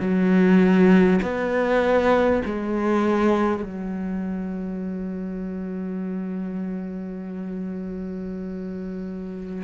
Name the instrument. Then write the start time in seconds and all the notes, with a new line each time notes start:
cello
0.00 F#3
1.22 B3
2.45 G#3
3.63 F#3